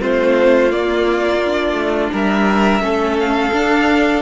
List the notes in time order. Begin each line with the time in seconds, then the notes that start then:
0.00 A3 C4 F4 C5
0.71 A#3 D5
1.46 D4
1.73 A3
2.12 G3 A#4 E5
2.80 A3 C#4 A4
3.20 F5
3.53 D4